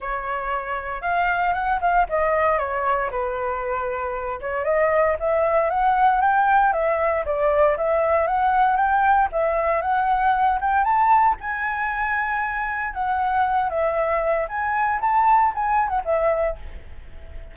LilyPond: \new Staff \with { instrumentName = "flute" } { \time 4/4 \tempo 4 = 116 cis''2 f''4 fis''8 f''8 | dis''4 cis''4 b'2~ | b'8 cis''8 dis''4 e''4 fis''4 | g''4 e''4 d''4 e''4 |
fis''4 g''4 e''4 fis''4~ | fis''8 g''8 a''4 gis''2~ | gis''4 fis''4. e''4. | gis''4 a''4 gis''8. fis''16 e''4 | }